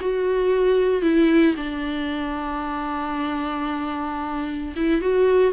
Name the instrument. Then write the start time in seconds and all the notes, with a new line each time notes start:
viola
0.00 F#4
1.02 E4
1.56 D4
4.75 E4
5.01 F#4